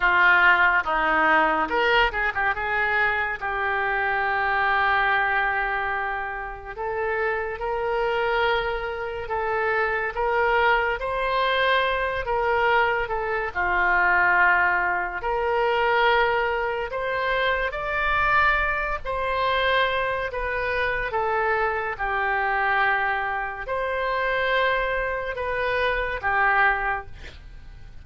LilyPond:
\new Staff \with { instrumentName = "oboe" } { \time 4/4 \tempo 4 = 71 f'4 dis'4 ais'8 gis'16 g'16 gis'4 | g'1 | a'4 ais'2 a'4 | ais'4 c''4. ais'4 a'8 |
f'2 ais'2 | c''4 d''4. c''4. | b'4 a'4 g'2 | c''2 b'4 g'4 | }